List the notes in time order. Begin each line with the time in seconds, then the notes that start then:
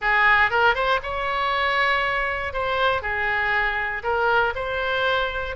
0.01 G#4
0.50 A#4
0.74 C5
1.02 C#5
2.53 C5
3.02 G#4
4.03 A#4
4.55 C5